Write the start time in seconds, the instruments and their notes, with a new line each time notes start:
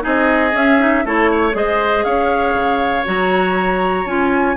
0.00 bassoon C4, clarinet D#4, oboe G#4, flute D#5
0.53 bassoon C#4, clarinet C#4, flute E5
0.79 clarinet D#4
1.05 bassoon A3, clarinet E4, oboe A4, flute C#5
1.31 oboe C#5
1.52 bassoon G#3, clarinet G#4, oboe C5, flute D#5
2.04 bassoon C#4, oboe C#5, flute F5
2.54 bassoon C#3
3.05 bassoon F#3, clarinet F#4, flute A#5
4.05 bassoon C#4, clarinet F4, flute G#5